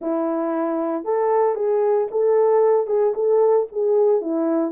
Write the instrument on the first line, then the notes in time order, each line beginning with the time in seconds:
horn
0.01 E4
1.04 A4
1.55 G#4
2.11 A4
2.86 G#4
3.14 A4
3.72 G#4
4.21 E4